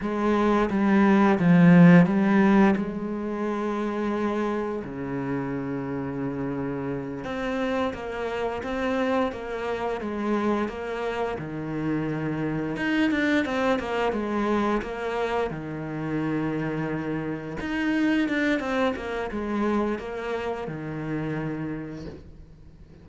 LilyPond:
\new Staff \with { instrumentName = "cello" } { \time 4/4 \tempo 4 = 87 gis4 g4 f4 g4 | gis2. cis4~ | cis2~ cis8 c'4 ais8~ | ais8 c'4 ais4 gis4 ais8~ |
ais8 dis2 dis'8 d'8 c'8 | ais8 gis4 ais4 dis4.~ | dis4. dis'4 d'8 c'8 ais8 | gis4 ais4 dis2 | }